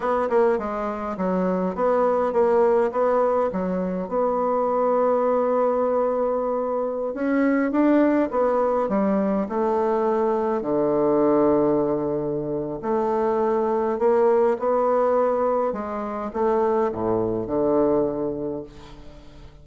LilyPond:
\new Staff \with { instrumentName = "bassoon" } { \time 4/4 \tempo 4 = 103 b8 ais8 gis4 fis4 b4 | ais4 b4 fis4 b4~ | b1~ | b16 cis'4 d'4 b4 g8.~ |
g16 a2 d4.~ d16~ | d2 a2 | ais4 b2 gis4 | a4 a,4 d2 | }